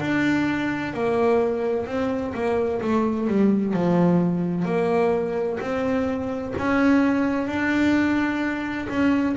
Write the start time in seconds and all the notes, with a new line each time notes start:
0.00 D4
0.93 A#3
1.86 C4
2.34 A#3
2.82 A3
3.27 G3
3.73 F3
4.65 A#3
5.60 C4
6.58 C#4
7.47 D4
8.89 C#4